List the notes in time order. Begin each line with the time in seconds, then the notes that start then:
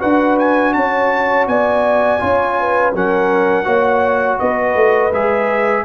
0.00 D4 F#4 B4 F#5
0.39 G#5
0.73 C#4 C#5 A5
1.48 B3 D5 G#5
2.20 C#4 F4 C#5
2.60 B4
2.95 F#3 C#4 A#4 F#5
3.65 A#3 F#4 C#5
4.39 B3 B4 D#5
4.75 A3
5.12 G#3 G#4 E5